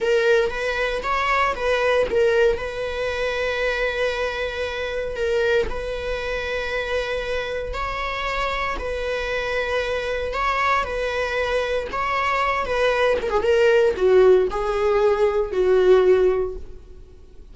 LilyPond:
\new Staff \with { instrumentName = "viola" } { \time 4/4 \tempo 4 = 116 ais'4 b'4 cis''4 b'4 | ais'4 b'2.~ | b'2 ais'4 b'4~ | b'2. cis''4~ |
cis''4 b'2. | cis''4 b'2 cis''4~ | cis''8 b'4 ais'16 gis'16 ais'4 fis'4 | gis'2 fis'2 | }